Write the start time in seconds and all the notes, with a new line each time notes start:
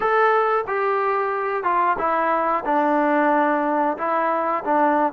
0.00 A4
0.67 G4
1.63 F4
1.98 E4
2.65 D4
3.97 E4
4.64 D4